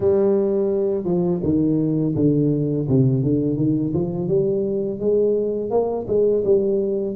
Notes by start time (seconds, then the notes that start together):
0.00 G3
1.04 F3
1.43 D#3
2.15 D3
2.88 C3
3.23 D3
3.56 D#3
3.94 F3
4.28 G3
4.99 G#3
5.70 A#3
6.07 G#3
6.44 G3